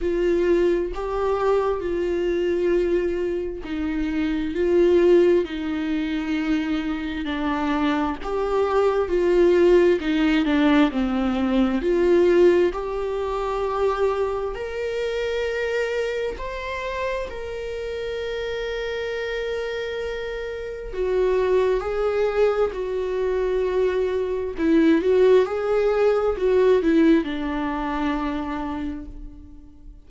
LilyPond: \new Staff \with { instrumentName = "viola" } { \time 4/4 \tempo 4 = 66 f'4 g'4 f'2 | dis'4 f'4 dis'2 | d'4 g'4 f'4 dis'8 d'8 | c'4 f'4 g'2 |
ais'2 c''4 ais'4~ | ais'2. fis'4 | gis'4 fis'2 e'8 fis'8 | gis'4 fis'8 e'8 d'2 | }